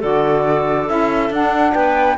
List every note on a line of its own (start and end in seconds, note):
0.00 0.90 D3
0.00 0.88 F#4
0.00 1.74 A4
0.00 0.89 D5
0.88 1.30 C#4
0.88 1.31 E4
0.88 1.33 E5
1.30 1.73 D4
1.30 2.18 D4
1.30 1.74 F#5
1.74 2.18 B3
1.74 2.18 B4
1.74 2.18 G5